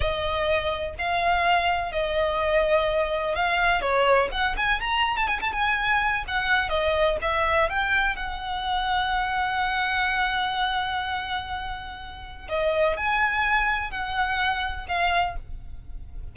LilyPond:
\new Staff \with { instrumentName = "violin" } { \time 4/4 \tempo 4 = 125 dis''2 f''2 | dis''2. f''4 | cis''4 fis''8 gis''8 ais''8. a''16 gis''16 a''16 gis''8~ | gis''4 fis''4 dis''4 e''4 |
g''4 fis''2.~ | fis''1~ | fis''2 dis''4 gis''4~ | gis''4 fis''2 f''4 | }